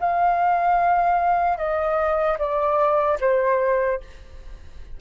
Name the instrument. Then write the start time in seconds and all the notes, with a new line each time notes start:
flute
0.00 F5
1.57 D#5
2.39 D5
3.21 C5